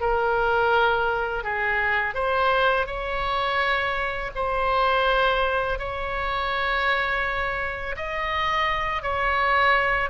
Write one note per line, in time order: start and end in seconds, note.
0.00 1.43 A#4
1.43 2.14 G#4
2.14 2.86 C5
2.86 4.30 C#5
4.35 5.78 C5
5.78 7.95 C#5
7.96 9.02 D#5
9.02 10.09 C#5